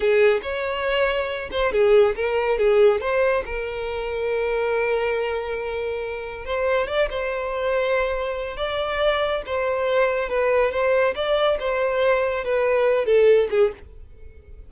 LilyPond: \new Staff \with { instrumentName = "violin" } { \time 4/4 \tempo 4 = 140 gis'4 cis''2~ cis''8 c''8 | gis'4 ais'4 gis'4 c''4 | ais'1~ | ais'2. c''4 |
d''8 c''2.~ c''8 | d''2 c''2 | b'4 c''4 d''4 c''4~ | c''4 b'4. a'4 gis'8 | }